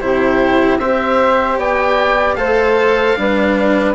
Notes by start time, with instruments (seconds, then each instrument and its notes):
0.00 bassoon C3, cello E4, flute G4, oboe C5
0.79 bassoon C4, cello G4, flute C5, oboe E5
1.57 bassoon B3, flute D5, oboe G5
2.35 bassoon A3, cello A4, flute C5, oboe F5
3.16 bassoon G3, cello D4, flute B4